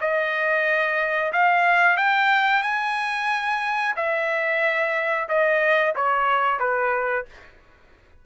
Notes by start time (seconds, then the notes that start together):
0.00 D#5
1.32 F5
1.97 G5
2.62 G#5
3.96 E5
5.28 D#5
5.95 C#5
6.59 B4